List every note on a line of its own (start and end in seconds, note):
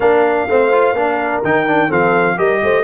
0.00 0.47 A#3
0.00 0.48 D4
0.00 0.45 A#4
0.00 1.42 F5
0.47 0.92 A3
0.47 0.71 C4
0.47 0.97 C5
0.71 0.95 F4
0.92 1.40 A#3
0.92 1.43 D4
0.92 1.88 A#4
1.43 1.91 D#3
1.43 1.67 D#4
1.43 1.91 G5
1.67 1.89 D4
1.88 2.38 F3
1.88 2.37 C4
1.88 2.36 A4
1.88 2.38 F5
2.37 2.62 G3
2.37 2.84 G4
2.37 2.61 A#4
2.37 2.84 D#5
2.62 2.84 A3
2.62 2.84 C5